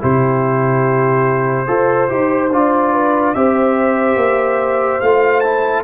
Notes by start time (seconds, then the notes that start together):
0.00 C3 E4 G4 C5
1.66 F4 A4 C5
2.09 D#4 G4
2.51 D4 F4 D5
2.93 B4
3.34 C4 G4 C5 E5
4.16 A#3
5.01 A3 F4 F5
5.40 E4 A5